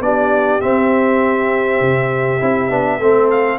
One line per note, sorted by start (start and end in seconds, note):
0.00 0.60 B3
0.00 0.60 D4
0.00 3.03 G4
0.00 0.61 D5
0.60 2.40 C4
0.60 1.80 C4
0.60 3.30 E5
1.80 2.40 C3
2.40 2.70 C4
2.40 2.70 E4
2.70 2.99 B3
2.70 3.00 D4
2.99 3.58 A3
2.99 3.58 C4
2.99 3.58 A4
3.30 3.58 F5